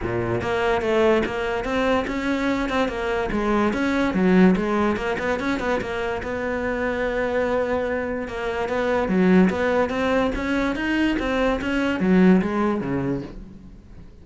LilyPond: \new Staff \with { instrumentName = "cello" } { \time 4/4 \tempo 4 = 145 ais,4 ais4 a4 ais4 | c'4 cis'4. c'8 ais4 | gis4 cis'4 fis4 gis4 | ais8 b8 cis'8 b8 ais4 b4~ |
b1 | ais4 b4 fis4 b4 | c'4 cis'4 dis'4 c'4 | cis'4 fis4 gis4 cis4 | }